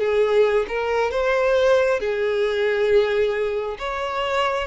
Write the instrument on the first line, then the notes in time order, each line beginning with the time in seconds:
violin
0.00 G#4
0.69 A#4
1.12 C5
2.00 G#4
3.79 C#5